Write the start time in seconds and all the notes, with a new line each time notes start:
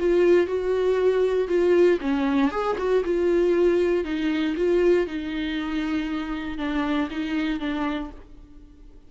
0.00 F4
0.47 F#4
1.48 F4
2.01 C#4
2.51 G#4
2.78 F#4
3.05 F4
4.05 D#4
4.56 F4
5.07 D#4
6.58 D4
7.11 D#4
7.60 D4